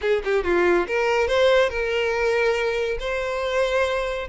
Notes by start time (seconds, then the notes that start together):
0.01 G#4
0.24 G4
0.43 F4
0.87 A#4
1.27 C5
1.69 A#4
2.99 C5